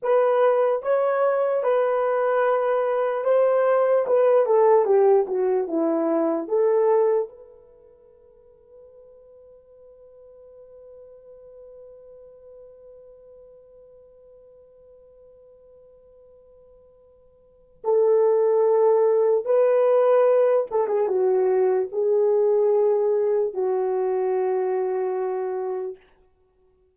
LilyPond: \new Staff \with { instrumentName = "horn" } { \time 4/4 \tempo 4 = 74 b'4 cis''4 b'2 | c''4 b'8 a'8 g'8 fis'8 e'4 | a'4 b'2.~ | b'1~ |
b'1~ | b'2 a'2 | b'4. a'16 gis'16 fis'4 gis'4~ | gis'4 fis'2. | }